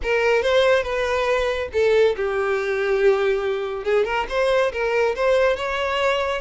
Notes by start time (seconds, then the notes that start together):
0.02 A#4
0.42 C5
0.83 B4
1.72 A4
2.16 G4
3.84 G#4
4.04 A#4
4.29 C5
4.72 A#4
5.15 C5
5.56 C#5